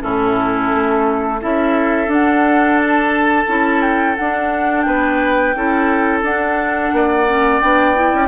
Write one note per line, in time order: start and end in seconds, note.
0.00 0.72 A2
0.00 1.38 C#4
0.00 1.40 E4
0.00 1.40 A4
0.74 1.43 A3
1.41 2.07 C#4
1.41 2.07 E4
1.41 4.86 A4
1.41 2.11 E5
2.07 3.45 D4
2.07 2.79 F#5
2.79 3.81 A5
3.47 4.16 C#4
3.47 4.16 E4
3.81 4.16 G5
4.16 5.55 D4
4.16 4.86 D4
4.16 4.81 F#5
4.81 5.55 B3
4.81 5.55 B4
4.81 6.19 G5
5.55 6.22 C#4
5.55 6.24 E4
5.55 6.95 A4
6.22 6.91 D4
6.22 7.27 D4
6.22 7.60 F#5
6.92 7.61 A#3
6.92 8.28 D5
7.27 7.61 C#4
7.60 8.13 B3
7.60 7.95 D4
7.60 8.28 G5
7.95 8.28 E4
8.13 8.28 C#4